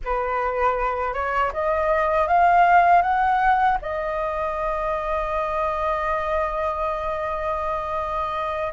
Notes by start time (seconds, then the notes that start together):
0.04 B4
1.13 C#5
1.53 D#5
2.27 F5
3.02 F#5
3.81 D#5